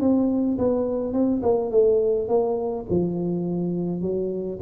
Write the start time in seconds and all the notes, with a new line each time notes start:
0.00 C4
0.58 B3
1.13 C4
1.42 A#3
1.71 A3
2.28 A#3
2.90 F3
4.01 F#3